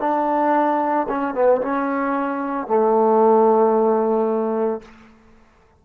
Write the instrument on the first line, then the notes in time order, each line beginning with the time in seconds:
trombone
0.00 D4
1.09 C#4
1.35 B3
1.62 C#4
2.67 A3